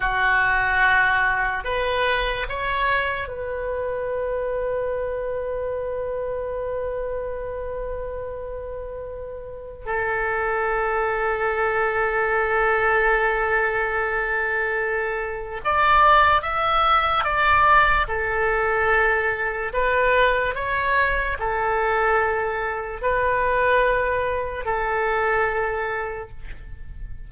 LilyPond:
\new Staff \with { instrumentName = "oboe" } { \time 4/4 \tempo 4 = 73 fis'2 b'4 cis''4 | b'1~ | b'1 | a'1~ |
a'2. d''4 | e''4 d''4 a'2 | b'4 cis''4 a'2 | b'2 a'2 | }